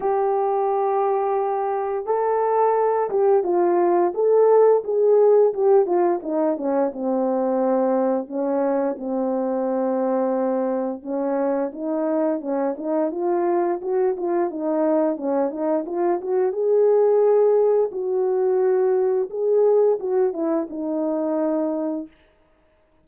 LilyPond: \new Staff \with { instrumentName = "horn" } { \time 4/4 \tempo 4 = 87 g'2. a'4~ | a'8 g'8 f'4 a'4 gis'4 | g'8 f'8 dis'8 cis'8 c'2 | cis'4 c'2. |
cis'4 dis'4 cis'8 dis'8 f'4 | fis'8 f'8 dis'4 cis'8 dis'8 f'8 fis'8 | gis'2 fis'2 | gis'4 fis'8 e'8 dis'2 | }